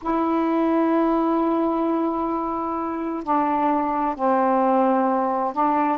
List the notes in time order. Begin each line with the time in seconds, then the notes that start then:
0.02 E4
3.23 D4
4.15 C4
5.53 D4